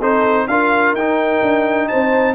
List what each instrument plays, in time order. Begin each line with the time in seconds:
0.00 tuba C4, trombone D#4, horn A4, trumpet C5
0.47 tuba D4, trombone F4, horn A#4, trumpet F5
0.94 tuba D#4, trombone D#4, trumpet G5
1.42 tuba D4
1.88 tuba C4, horn C5, trumpet A5